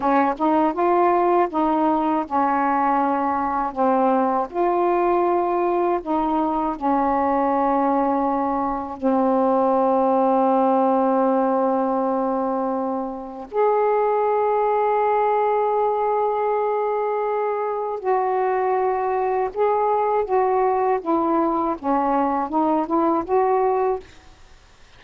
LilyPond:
\new Staff \with { instrumentName = "saxophone" } { \time 4/4 \tempo 4 = 80 cis'8 dis'8 f'4 dis'4 cis'4~ | cis'4 c'4 f'2 | dis'4 cis'2. | c'1~ |
c'2 gis'2~ | gis'1 | fis'2 gis'4 fis'4 | e'4 cis'4 dis'8 e'8 fis'4 | }